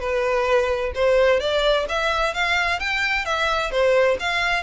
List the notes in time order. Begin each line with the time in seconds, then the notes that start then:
0.00 B4
0.95 C5
1.40 D5
1.89 E5
2.34 F5
2.79 G5
3.25 E5
3.71 C5
4.19 F5